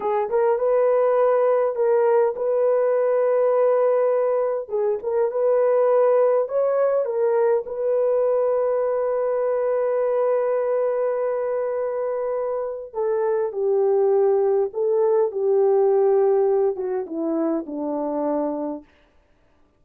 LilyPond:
\new Staff \with { instrumentName = "horn" } { \time 4/4 \tempo 4 = 102 gis'8 ais'8 b'2 ais'4 | b'1 | gis'8 ais'8 b'2 cis''4 | ais'4 b'2.~ |
b'1~ | b'2 a'4 g'4~ | g'4 a'4 g'2~ | g'8 fis'8 e'4 d'2 | }